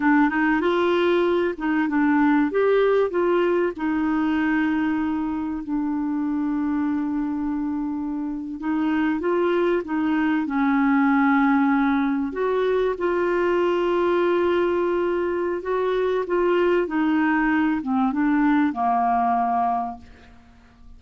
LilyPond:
\new Staff \with { instrumentName = "clarinet" } { \time 4/4 \tempo 4 = 96 d'8 dis'8 f'4. dis'8 d'4 | g'4 f'4 dis'2~ | dis'4 d'2.~ | d'4.~ d'16 dis'4 f'4 dis'16~ |
dis'8. cis'2. fis'16~ | fis'8. f'2.~ f'16~ | f'4 fis'4 f'4 dis'4~ | dis'8 c'8 d'4 ais2 | }